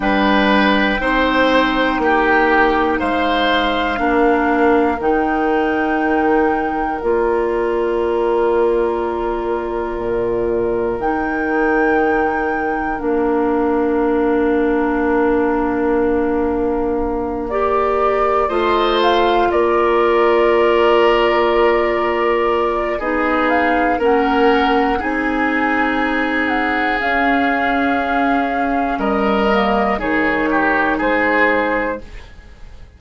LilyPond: <<
  \new Staff \with { instrumentName = "flute" } { \time 4/4 \tempo 4 = 60 g''2. f''4~ | f''4 g''2 d''4~ | d''2. g''4~ | g''4 f''2.~ |
f''4. d''4 dis''8 f''8 d''8~ | d''2. dis''8 f''8 | fis''4 gis''4. fis''8 f''4~ | f''4 dis''4 cis''4 c''4 | }
  \new Staff \with { instrumentName = "oboe" } { \time 4/4 b'4 c''4 g'4 c''4 | ais'1~ | ais'1~ | ais'1~ |
ais'2~ ais'8 c''4 ais'8~ | ais'2. gis'4 | ais'4 gis'2.~ | gis'4 ais'4 gis'8 g'8 gis'4 | }
  \new Staff \with { instrumentName = "clarinet" } { \time 4/4 d'4 dis'2. | d'4 dis'2 f'4~ | f'2. dis'4~ | dis'4 d'2.~ |
d'4. g'4 f'4.~ | f'2. dis'4 | cis'4 dis'2 cis'4~ | cis'4. ais8 dis'2 | }
  \new Staff \with { instrumentName = "bassoon" } { \time 4/4 g4 c'4 ais4 gis4 | ais4 dis2 ais4~ | ais2 ais,4 dis4~ | dis4 ais2.~ |
ais2~ ais8 a4 ais8~ | ais2. b4 | ais4 c'2 cis'4~ | cis'4 g4 dis4 gis4 | }
>>